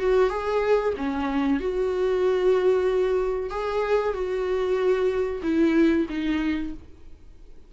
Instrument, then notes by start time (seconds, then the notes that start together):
viola
0.00 F#4
0.30 G#4
0.97 C#4
1.60 F#4
3.50 G#4
4.14 F#4
5.43 E4
6.10 D#4